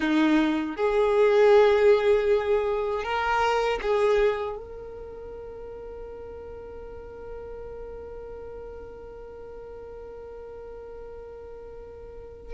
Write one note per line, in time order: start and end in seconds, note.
0.00 0.76 D#4
0.76 3.03 G#4
3.03 3.79 A#4
3.81 4.57 G#4
4.57 12.53 A#4